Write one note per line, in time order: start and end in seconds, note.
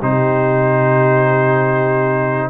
0.00 2.50 C3
0.00 2.50 D#4
0.00 2.50 G4
0.00 2.50 C5